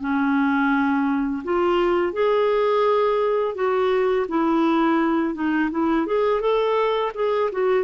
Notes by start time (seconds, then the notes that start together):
0.00 C#4
1.44 F4
2.13 G#4
3.55 F#4
4.28 E4
5.34 D#4
5.71 E4
6.07 G#4
6.41 A4
7.15 G#4
7.52 F#4